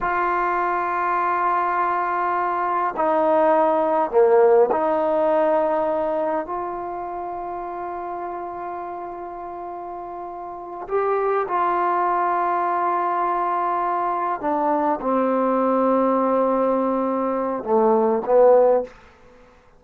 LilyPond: \new Staff \with { instrumentName = "trombone" } { \time 4/4 \tempo 4 = 102 f'1~ | f'4 dis'2 ais4 | dis'2. f'4~ | f'1~ |
f'2~ f'8 g'4 f'8~ | f'1~ | f'8 d'4 c'2~ c'8~ | c'2 a4 b4 | }